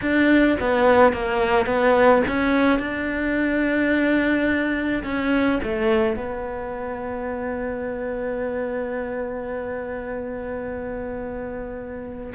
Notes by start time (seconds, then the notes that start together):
0.01 D4
0.60 B3
1.12 A#3
1.66 B3
2.27 C#4
2.79 D4
5.03 C#4
5.63 A3
6.16 B3